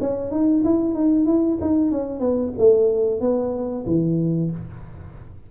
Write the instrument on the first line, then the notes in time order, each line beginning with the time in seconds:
tuba
0.00 C#4
0.31 D#4
0.64 E4
0.95 D#4
1.26 E4
1.61 D#4
1.91 C#4
2.20 B3
2.58 A3
3.21 B3
3.86 E3